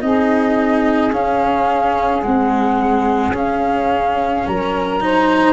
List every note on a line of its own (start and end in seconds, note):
0.00 1.11 C4
0.00 1.11 D#4
0.00 4.47 G#4
0.00 1.12 D#5
1.11 2.22 C#4
1.11 2.22 F5
2.22 3.33 G#3
2.22 3.30 C4
2.22 3.33 F#5
3.30 4.41 C#4
3.30 5.00 C#4
3.30 4.47 F5
4.47 5.52 F#3
4.47 5.03 A#4
4.47 5.52 A#5
5.00 5.52 D#4
5.00 5.52 C5